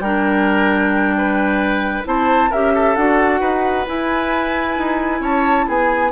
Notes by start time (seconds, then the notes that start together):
0.00 G3 D4 A#4 G5
1.18 B4
2.04 C4 E4 C5 A5
2.50 C#4 G4 A#4 E5
2.74 A4
2.96 D4 F#4 F#5
3.40 D#4 B4
3.86 E4 G#5
4.78 D#4
5.20 C#4 C#5 A5
5.67 B3 G#4 G#5